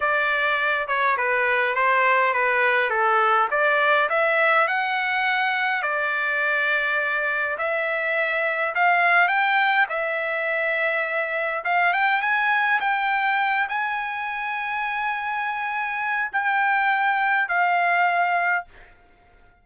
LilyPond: \new Staff \with { instrumentName = "trumpet" } { \time 4/4 \tempo 4 = 103 d''4. cis''8 b'4 c''4 | b'4 a'4 d''4 e''4 | fis''2 d''2~ | d''4 e''2 f''4 |
g''4 e''2. | f''8 g''8 gis''4 g''4. gis''8~ | gis''1 | g''2 f''2 | }